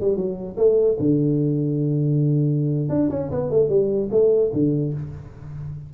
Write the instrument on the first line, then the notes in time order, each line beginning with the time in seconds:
tuba
0.00 G3
0.16 F#3
0.57 A3
0.99 D3
2.89 D4
3.10 C#4
3.31 B3
3.50 A3
3.69 G3
4.11 A3
4.53 D3